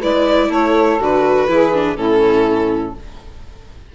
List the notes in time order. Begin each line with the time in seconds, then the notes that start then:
0.00 G#3 E4 B4 D5
0.50 A3 A4 C#5
1.00 D3 F#4 B4
1.48 E3 E4 G#4
1.74 D4
1.97 A2 C#4 E4 A4